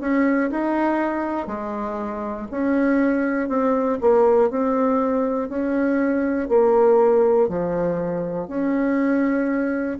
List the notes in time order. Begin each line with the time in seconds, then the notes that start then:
0.00 C#4
0.50 D#4
1.47 G#3
2.51 C#4
3.49 C4
4.01 A#3
4.50 C4
5.50 C#4
6.49 A#3
7.49 F3
8.48 C#4